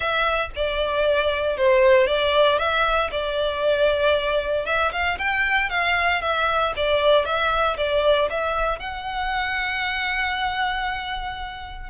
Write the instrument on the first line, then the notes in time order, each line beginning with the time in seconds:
violin
0.00 E5
0.55 D5
1.57 C5
2.07 D5
2.58 E5
3.11 D5
4.65 E5
4.92 F5
5.18 G5
5.69 F5
6.21 E5
6.76 D5
7.25 E5
7.77 D5
8.30 E5
8.79 F#5